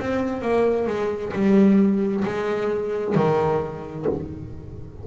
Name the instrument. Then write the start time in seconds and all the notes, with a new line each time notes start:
double bass
0.00 C4
0.42 A#3
0.87 G#3
1.33 G3
2.25 G#3
3.15 D#3